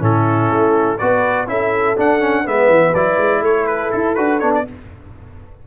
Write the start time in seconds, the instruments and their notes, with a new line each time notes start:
0.00 tuba A2, trombone C#4, horn E4, trumpet A4
0.51 tuba A3
0.98 tuba B3, trombone F#4, horn B4, trumpet D5
1.47 tuba C#4, trombone E4, horn A4, trumpet E5
1.97 trombone D4, tuba D4, trumpet F#5
2.20 trombone C#4
2.43 tuba G#3, trombone B3, horn B4, trumpet E5
2.69 tuba E3
2.94 tuba F#3, trombone E4, trumpet D5
3.17 tuba G#3
3.41 tuba A3, horn A4, trumpet C#5
3.66 trumpet B4
3.91 tuba E4, trumpet A4
4.15 tuba D4, trombone F#4, trumpet B4
4.39 tuba B3, trombone D4, trumpet C#5
4.54 trumpet D5